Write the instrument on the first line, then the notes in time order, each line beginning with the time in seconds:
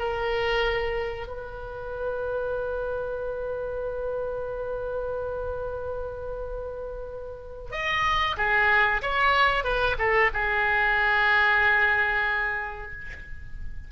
oboe
0.00 A#4
1.28 B4
7.72 D#5
8.38 G#4
9.02 C#5
9.65 B4
9.99 A4
10.34 G#4